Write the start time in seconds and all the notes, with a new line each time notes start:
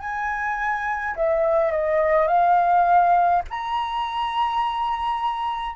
0.00 G#5
1.16 E5
1.72 D#5
2.28 F5
3.50 A#5